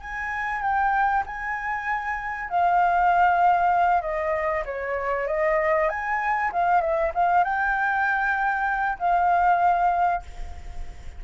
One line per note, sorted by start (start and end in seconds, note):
0.00 0.61 G#5
0.61 1.23 G5
1.26 2.49 G#5
2.49 4.01 F5
4.01 4.63 D#5
4.65 5.27 C#5
5.27 5.89 D#5
5.89 6.51 G#5
6.52 6.81 F5
6.81 7.12 E5
7.14 7.44 F5
7.44 8.98 G5
8.99 10.22 F5